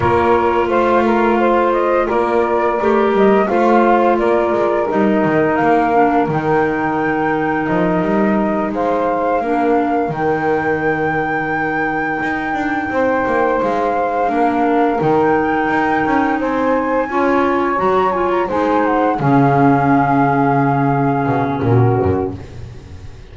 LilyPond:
<<
  \new Staff \with { instrumentName = "flute" } { \time 4/4 \tempo 4 = 86 cis''4 f''4. dis''8 d''4~ | d''8 dis''8 f''4 d''4 dis''4 | f''4 g''2 dis''4~ | dis''8 f''2 g''4.~ |
g''2.~ g''8 f''8~ | f''4. g''2 gis''8~ | gis''4. ais''8 gis''16 ais''16 gis''8 fis''8 f''8~ | f''2. ais'4 | }
  \new Staff \with { instrumentName = "saxophone" } { \time 4/4 ais'4 c''8 ais'8 c''4 ais'4~ | ais'4 c''4 ais'2~ | ais'1~ | ais'8 c''4 ais'2~ ais'8~ |
ais'2~ ais'8 c''4.~ | c''8 ais'2. c''8~ | c''8 cis''2 c''4 gis'8~ | gis'2. fis'4 | }
  \new Staff \with { instrumentName = "clarinet" } { \time 4/4 f'1 | g'4 f'2 dis'4~ | dis'8 d'8 dis'2.~ | dis'4. d'4 dis'4.~ |
dis'1~ | dis'8 d'4 dis'2~ dis'8~ | dis'8 f'4 fis'8 f'8 dis'4 cis'8~ | cis'1 | }
  \new Staff \with { instrumentName = "double bass" } { \time 4/4 ais4 a2 ais4 | a8 g8 a4 ais8 gis8 g8 dis8 | ais4 dis2 f8 g8~ | g8 gis4 ais4 dis4.~ |
dis4. dis'8 d'8 c'8 ais8 gis8~ | gis8 ais4 dis4 dis'8 cis'8 c'8~ | c'8 cis'4 fis4 gis4 cis8~ | cis2~ cis8 b,8 ais,8 fis,8 | }
>>